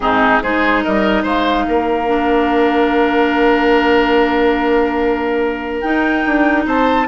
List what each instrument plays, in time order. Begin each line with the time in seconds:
0.00 bassoon G#2, clarinet C4, oboe D#4, flute G#4
0.42 bassoon G#3, clarinet D#4, oboe G#4, flute C5
0.83 bassoon G3, oboe A#4, flute D#5
1.22 bassoon G#3, oboe C5, flute F5
1.68 bassoon A#3, oboe A#4
2.07 clarinet D4
5.80 clarinet D#4, bassoon D#4, flute G5
6.26 bassoon D4
6.65 bassoon C4, oboe C5, flute A5